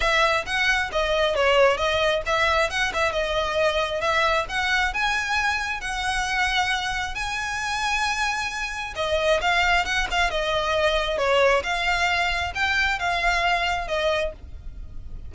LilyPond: \new Staff \with { instrumentName = "violin" } { \time 4/4 \tempo 4 = 134 e''4 fis''4 dis''4 cis''4 | dis''4 e''4 fis''8 e''8 dis''4~ | dis''4 e''4 fis''4 gis''4~ | gis''4 fis''2. |
gis''1 | dis''4 f''4 fis''8 f''8 dis''4~ | dis''4 cis''4 f''2 | g''4 f''2 dis''4 | }